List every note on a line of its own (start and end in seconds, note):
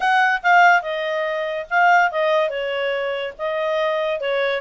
0.00 0.41 F#5
0.43 0.82 F5
0.82 1.66 D#5
1.70 2.11 F5
2.11 2.49 D#5
2.49 3.33 C#5
3.38 4.20 D#5
4.20 4.61 C#5